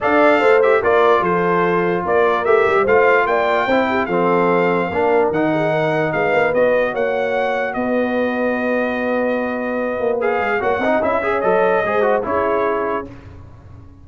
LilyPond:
<<
  \new Staff \with { instrumentName = "trumpet" } { \time 4/4 \tempo 4 = 147 f''4. e''8 d''4 c''4~ | c''4 d''4 e''4 f''4 | g''2 f''2~ | f''4 fis''2 f''4 |
dis''4 fis''2 dis''4~ | dis''1~ | dis''4 f''4 fis''4 e''4 | dis''2 cis''2 | }
  \new Staff \with { instrumentName = "horn" } { \time 4/4 d''4 c''4 ais'4 a'4~ | a'4 ais'2 c''4 | d''4 c''8 g'8 a'2 | ais'4. gis'8 ais'4 b'4~ |
b'4 cis''2 b'4~ | b'1~ | b'2 cis''8 dis''4 cis''8~ | cis''4 c''4 gis'2 | }
  \new Staff \with { instrumentName = "trombone" } { \time 4/4 a'4. g'8 f'2~ | f'2 g'4 f'4~ | f'4 e'4 c'2 | d'4 dis'2. |
fis'1~ | fis'1~ | fis'4 gis'4 fis'8 dis'8 e'8 gis'8 | a'4 gis'8 fis'8 e'2 | }
  \new Staff \with { instrumentName = "tuba" } { \time 4/4 d'4 a4 ais4 f4~ | f4 ais4 a8 g8 a4 | ais4 c'4 f2 | ais4 dis2 gis8 ais8 |
b4 ais2 b4~ | b1~ | b8 ais4 gis8 ais8 c'8 cis'4 | fis4 gis4 cis'2 | }
>>